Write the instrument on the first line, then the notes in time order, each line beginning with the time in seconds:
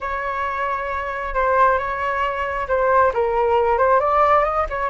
flute
0.01 C#5
1.34 C5
1.78 C#5
2.68 C5
3.13 A#4
3.77 C5
3.99 D5
4.43 D#5
4.69 C#5